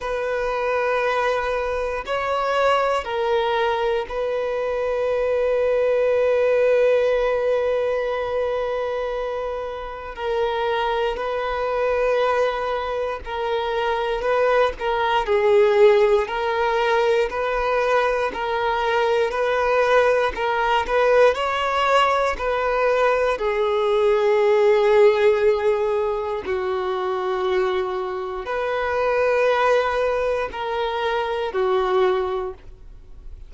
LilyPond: \new Staff \with { instrumentName = "violin" } { \time 4/4 \tempo 4 = 59 b'2 cis''4 ais'4 | b'1~ | b'2 ais'4 b'4~ | b'4 ais'4 b'8 ais'8 gis'4 |
ais'4 b'4 ais'4 b'4 | ais'8 b'8 cis''4 b'4 gis'4~ | gis'2 fis'2 | b'2 ais'4 fis'4 | }